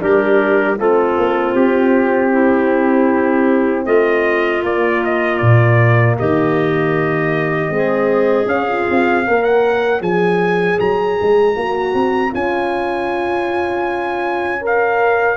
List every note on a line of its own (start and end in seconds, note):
0.00 0.78 G3
0.00 0.77 D4
0.00 0.78 G4
0.00 0.79 A#4
0.78 1.17 A3
0.78 4.63 C4
0.78 2.31 F4
0.78 1.55 A4
1.17 1.54 A#3
1.54 3.85 C4
1.54 3.85 G4
2.31 3.85 E4
3.85 4.62 A3
3.85 6.16 F4
3.85 4.62 D#5
4.63 5.40 A#3
4.63 7.68 A#3
4.63 5.03 D5
5.04 5.38 D#5
5.38 6.18 A#2
5.38 6.15 D5
6.18 7.69 D#3
6.18 7.72 G4
6.18 8.48 D#5
7.68 8.46 G#3
7.68 8.45 C4
7.75 9.25 G#4
8.46 8.84 C#4
8.46 8.67 C#4
8.46 9.43 F5
8.67 9.25 F4
8.90 9.28 C4
9.25 10.00 A#3
9.25 10.01 A#4
9.25 15.37 C#5
9.43 10.00 F#5
10.00 10.77 F3
10.00 11.55 G#4
10.00 10.79 G#5
10.79 11.18 F#3
10.79 12.33 A#5
11.22 11.56 G#3
11.56 11.94 A#3
11.56 12.31 F#4
11.94 12.32 C4
12.31 15.37 C#4
12.31 14.61 F4
12.31 14.65 G#5
14.61 15.37 A#4
14.61 15.37 F5